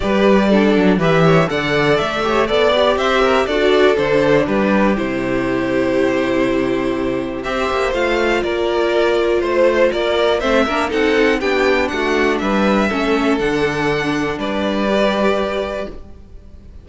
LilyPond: <<
  \new Staff \with { instrumentName = "violin" } { \time 4/4 \tempo 4 = 121 d''2 e''4 fis''4 | e''4 d''4 e''4 d''4 | c''4 b'4 c''2~ | c''2. e''4 |
f''4 d''2 c''4 | d''4 e''4 fis''4 g''4 | fis''4 e''2 fis''4~ | fis''4 d''2. | }
  \new Staff \with { instrumentName = "violin" } { \time 4/4 b'4 a'4 b'8 cis''8 d''4~ | d''8 cis''8 d''4 c''8 ais'8 a'4~ | a'4 g'2.~ | g'2. c''4~ |
c''4 ais'2 c''4 | ais'4 c''8 ais'8 a'4 g'4 | fis'4 b'4 a'2~ | a'4 b'2. | }
  \new Staff \with { instrumentName = "viola" } { \time 4/4 g'4 d'4 g'4 a'4~ | a'8 g'8 a'8 g'4. fis'4 | d'2 e'2~ | e'2. g'4 |
f'1~ | f'4 c'8 d'8 dis'4 d'4~ | d'2 cis'4 d'4~ | d'2 g'2 | }
  \new Staff \with { instrumentName = "cello" } { \time 4/4 g4. fis8 e4 d4 | a4 b4 c'4 d'4 | d4 g4 c2~ | c2. c'8 ais8 |
a4 ais2 a4 | ais4 a8 ais8 c'4 b4 | a4 g4 a4 d4~ | d4 g2. | }
>>